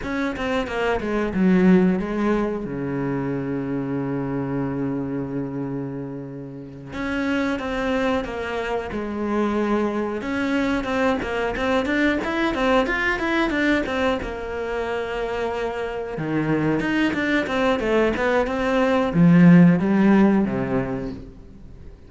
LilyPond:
\new Staff \with { instrumentName = "cello" } { \time 4/4 \tempo 4 = 91 cis'8 c'8 ais8 gis8 fis4 gis4 | cis1~ | cis2~ cis8 cis'4 c'8~ | c'8 ais4 gis2 cis'8~ |
cis'8 c'8 ais8 c'8 d'8 e'8 c'8 f'8 | e'8 d'8 c'8 ais2~ ais8~ | ais8 dis4 dis'8 d'8 c'8 a8 b8 | c'4 f4 g4 c4 | }